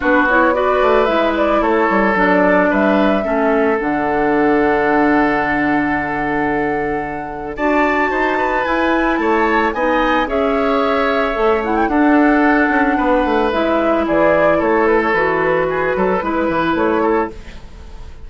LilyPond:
<<
  \new Staff \with { instrumentName = "flute" } { \time 4/4 \tempo 4 = 111 b'8 cis''8 d''4 e''8 d''8 cis''4 | d''4 e''2 fis''4~ | fis''1~ | fis''2 a''2 |
gis''4 a''4 gis''4 e''4~ | e''4. fis''16 g''16 fis''2~ | fis''4 e''4 d''4 cis''8 b'16 cis''16 | b'2. cis''4 | }
  \new Staff \with { instrumentName = "oboe" } { \time 4/4 fis'4 b'2 a'4~ | a'4 b'4 a'2~ | a'1~ | a'2 d''4 c''8 b'8~ |
b'4 cis''4 dis''4 cis''4~ | cis''2 a'2 | b'2 gis'4 a'4~ | a'4 gis'8 a'8 b'4. a'8 | }
  \new Staff \with { instrumentName = "clarinet" } { \time 4/4 d'8 e'8 fis'4 e'2 | d'2 cis'4 d'4~ | d'1~ | d'2 fis'2 |
e'2 dis'4 gis'4~ | gis'4 a'8 e'8 d'2~ | d'4 e'2. | fis'2 e'2 | }
  \new Staff \with { instrumentName = "bassoon" } { \time 4/4 b4. a8 gis4 a8 g8 | fis4 g4 a4 d4~ | d1~ | d2 d'4 dis'4 |
e'4 a4 b4 cis'4~ | cis'4 a4 d'4. cis'8 | b8 a8 gis4 e4 a4 | e4. fis8 gis8 e8 a4 | }
>>